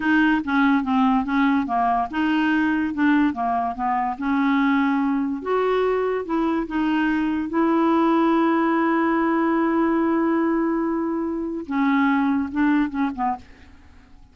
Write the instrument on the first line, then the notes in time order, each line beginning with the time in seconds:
clarinet
0.00 D#4
0.44 C#4
0.83 C4
1.25 C#4
1.66 A#3
2.10 D#4
2.94 D4
3.33 A#3
3.75 B3
4.17 C#4
5.41 F#4
6.25 E4
6.67 D#4
7.49 E4
11.66 C#4
12.51 D4
12.89 C#4
13.15 B3